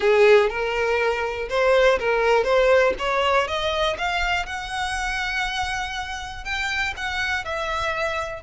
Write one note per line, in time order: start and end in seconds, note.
0.00 0.49 G#4
0.49 1.48 A#4
1.49 1.98 C5
1.99 2.44 A#4
2.44 2.93 C5
2.98 3.47 C#5
3.47 3.97 D#5
3.98 4.46 F5
4.46 6.44 F#5
6.44 6.94 G5
6.96 7.44 F#5
7.44 8.42 E5